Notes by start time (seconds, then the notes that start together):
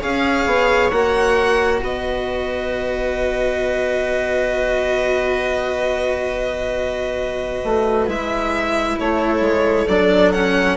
0.00 C#4 G#4 C#5 F5
0.46 B3
0.91 A#3 F#4 F#5
1.81 B3 B4 D#5
7.64 A3
8.07 G#3 E4 E5
8.99 A3 A4 C#5
9.40 G#3
9.88 F#3 D4 D5
10.32 C#4 F#5